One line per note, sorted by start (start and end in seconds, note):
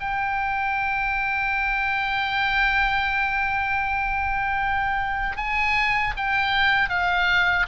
0.00 5.37 G5
5.37 6.14 G#5
6.17 6.90 G5
6.90 7.66 F5